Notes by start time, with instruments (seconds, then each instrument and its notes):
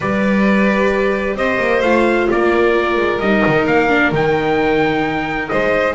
0.00 double bass G3, viola G4, violin B4, trumpet D5
1.35 double bass C4, violin C5, trumpet D#5
1.59 double bass A#3
1.81 double bass A3, viola F4, trumpet F5
2.31 double bass A#3, violin A#4, trumpet D5
2.96 double bass G#3
3.19 double bass G3, viola D#4, trumpet D#5
3.46 double bass D#3
3.66 double bass A#3, trumpet F5
3.89 viola D4
4.12 double bass D#3, viola D#4, trumpet G5
5.48 double bass G#3, violin C5, trumpet D#5